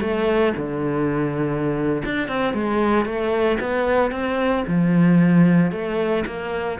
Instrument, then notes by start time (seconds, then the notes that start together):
cello
0.00 A3
0.56 D3
2.05 D4
2.28 C4
2.53 G#3
3.05 A3
3.60 B3
4.11 C4
4.67 F3
5.71 A3
6.26 A#3